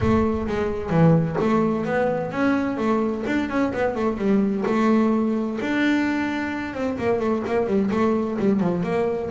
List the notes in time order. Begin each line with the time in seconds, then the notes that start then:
0.00 A3
0.47 G#3
0.90 E3
1.40 A3
1.85 B3
2.31 C#4
2.77 A3
3.26 D4
3.49 C#4
3.73 B3
3.95 A3
4.17 G3
4.66 A3
5.61 D4
6.74 C4
6.98 A#3
7.19 A3
7.46 A#3
7.66 G3
7.91 A3
8.38 G3
8.60 F3
8.83 A#3